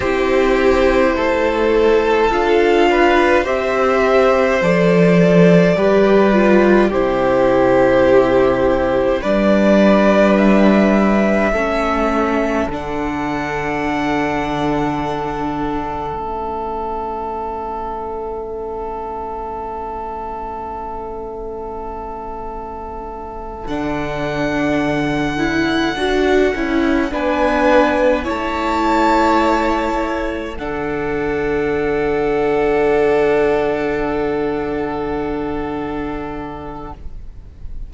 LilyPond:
<<
  \new Staff \with { instrumentName = "violin" } { \time 4/4 \tempo 4 = 52 c''2 f''4 e''4 | d''2 c''2 | d''4 e''2 fis''4~ | fis''2 e''2~ |
e''1~ | e''8 fis''2. gis''8~ | gis''8 a''2 fis''4.~ | fis''1 | }
  \new Staff \with { instrumentName = "violin" } { \time 4/4 g'4 a'4. b'8 c''4~ | c''4 b'4 g'2 | b'2 a'2~ | a'1~ |
a'1~ | a'2.~ a'8 b'8~ | b'8 cis''2 a'4.~ | a'1 | }
  \new Staff \with { instrumentName = "viola" } { \time 4/4 e'2 f'4 g'4 | a'4 g'8 f'8 e'2 | d'2 cis'4 d'4~ | d'2 cis'2~ |
cis'1~ | cis'8 d'4. e'8 fis'8 e'8 d'8~ | d'8 e'2 d'4.~ | d'1 | }
  \new Staff \with { instrumentName = "cello" } { \time 4/4 c'4 a4 d'4 c'4 | f4 g4 c2 | g2 a4 d4~ | d2 a2~ |
a1~ | a8 d2 d'8 cis'8 b8~ | b8 a2 d4.~ | d1 | }
>>